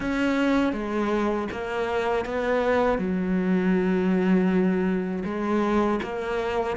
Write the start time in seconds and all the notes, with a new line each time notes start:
0.00 C#4
0.73 G#3
1.51 A#3
2.25 B3
2.98 F#3
5.25 G#3
6.02 A#3